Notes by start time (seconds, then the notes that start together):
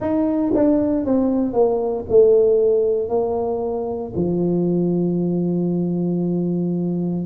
0.00 D#4
0.54 D4
1.05 C4
1.53 A#3
2.09 A3
3.08 A#3
4.15 F3